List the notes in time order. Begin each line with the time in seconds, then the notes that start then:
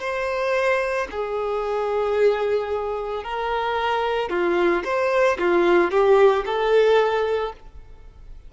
0.00 C5
1.11 G#4
3.23 A#4
4.30 F4
4.84 C5
5.39 F4
5.91 G4
6.45 A4